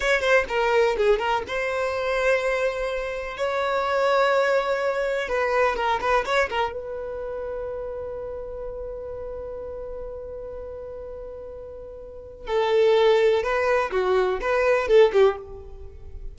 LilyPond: \new Staff \with { instrumentName = "violin" } { \time 4/4 \tempo 4 = 125 cis''8 c''8 ais'4 gis'8 ais'8 c''4~ | c''2. cis''4~ | cis''2. b'4 | ais'8 b'8 cis''8 ais'8 b'2~ |
b'1~ | b'1~ | b'2 a'2 | b'4 fis'4 b'4 a'8 g'8 | }